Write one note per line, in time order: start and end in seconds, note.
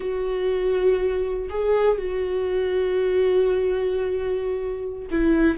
0.00 1.49 F#4
1.49 1.97 G#4
1.97 5.07 F#4
5.11 5.57 E4